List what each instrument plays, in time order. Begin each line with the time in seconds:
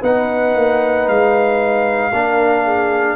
0.00 tuba B3, trombone D#4, horn B4, trumpet F#5
0.55 tuba A#3
1.08 tuba G#3, trumpet F5
2.12 tuba A#3, trombone D4, horn A#4
2.65 horn G#4